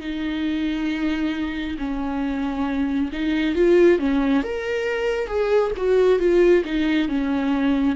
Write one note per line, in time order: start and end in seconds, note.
0.00 1.76 D#4
1.78 3.10 C#4
3.12 3.55 D#4
3.55 3.99 F4
3.99 4.43 C#4
4.43 5.27 A#4
5.27 5.71 G#4
5.77 6.19 F#4
6.19 6.63 F4
6.64 7.08 D#4
7.08 7.95 C#4